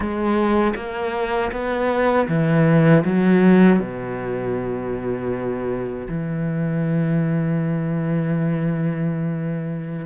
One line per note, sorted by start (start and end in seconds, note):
0.00 0.74 G#3
0.75 1.51 A#3
1.52 2.28 B3
2.28 3.04 E3
3.04 3.79 F#3
3.79 6.07 B2
6.08 10.05 E3